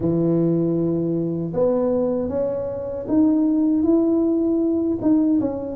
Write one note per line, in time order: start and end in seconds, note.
0.00 1.53 E3
1.53 2.29 B3
2.29 3.06 C#4
3.08 3.83 D#4
3.83 4.98 E4
5.01 5.40 D#4
5.40 5.76 C#4